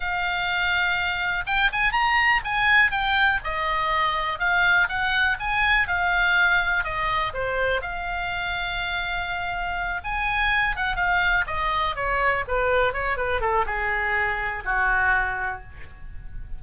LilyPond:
\new Staff \with { instrumentName = "oboe" } { \time 4/4 \tempo 4 = 123 f''2. g''8 gis''8 | ais''4 gis''4 g''4 dis''4~ | dis''4 f''4 fis''4 gis''4 | f''2 dis''4 c''4 |
f''1~ | f''8 gis''4. fis''8 f''4 dis''8~ | dis''8 cis''4 b'4 cis''8 b'8 a'8 | gis'2 fis'2 | }